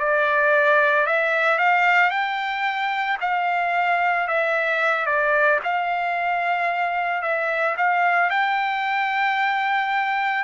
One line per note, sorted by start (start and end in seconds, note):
0.00 1.07 D5
1.07 1.59 E5
1.59 2.11 F5
2.11 3.18 G5
3.21 4.28 F5
4.28 5.06 E5
5.06 5.60 D5
5.64 7.22 F5
7.22 7.76 E5
7.77 8.30 F5
8.30 10.44 G5